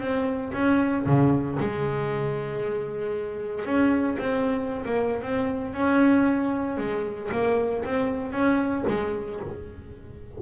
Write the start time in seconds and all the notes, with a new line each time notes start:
0.00 C4
0.53 C#4
1.06 C#3
1.60 G#3
3.65 C#4
4.19 C4
4.85 A#3
5.22 C4
5.74 C#4
6.78 G#3
7.32 A#3
7.85 C4
8.32 C#4
8.88 G#3